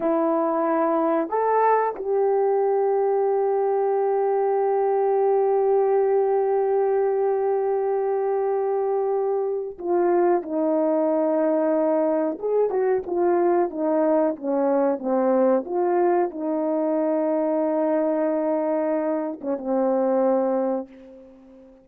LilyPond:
\new Staff \with { instrumentName = "horn" } { \time 4/4 \tempo 4 = 92 e'2 a'4 g'4~ | g'1~ | g'1~ | g'2. f'4 |
dis'2. gis'8 fis'8 | f'4 dis'4 cis'4 c'4 | f'4 dis'2.~ | dis'4.~ dis'16 cis'16 c'2 | }